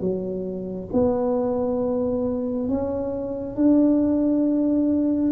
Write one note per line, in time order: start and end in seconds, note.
0.00 0.88 F#3
0.92 2.68 B3
2.68 3.55 C#4
3.55 5.32 D4